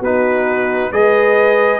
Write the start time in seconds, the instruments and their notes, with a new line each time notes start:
0.00 tuba B3, trombone D#4, horn F#4, trumpet B4
0.92 tuba G#3, trombone G#4, horn B4, trumpet D#5